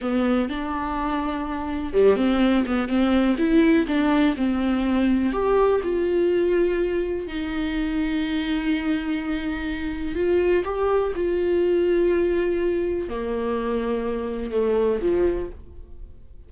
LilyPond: \new Staff \with { instrumentName = "viola" } { \time 4/4 \tempo 4 = 124 b4 d'2. | g8 c'4 b8 c'4 e'4 | d'4 c'2 g'4 | f'2. dis'4~ |
dis'1~ | dis'4 f'4 g'4 f'4~ | f'2. ais4~ | ais2 a4 f4 | }